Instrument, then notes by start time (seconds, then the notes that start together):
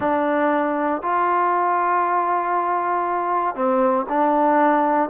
trombone
0.00 D4
1.02 F4
3.55 C4
4.08 D4